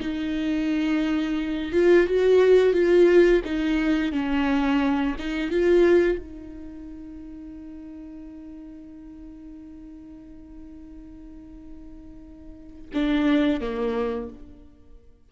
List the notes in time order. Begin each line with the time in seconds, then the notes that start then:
0.00 D#4
1.72 F4
2.06 F#4
2.73 F4
3.44 D#4
4.12 C#4
5.18 D#4
5.50 F4
6.18 D#4
12.94 D4
13.60 A#3